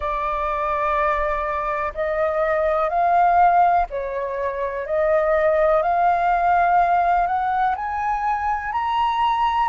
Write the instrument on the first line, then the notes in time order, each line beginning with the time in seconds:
flute
0.00 D5
1.94 D#5
2.89 F5
3.89 C#5
4.86 D#5
5.82 F5
7.26 F#5
7.75 G#5
8.72 A#5